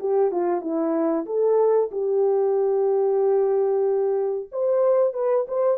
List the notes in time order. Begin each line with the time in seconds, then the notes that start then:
0.00 G4
0.32 F4
0.61 E4
1.26 A4
1.92 G4
4.52 C5
5.13 B4
5.48 C5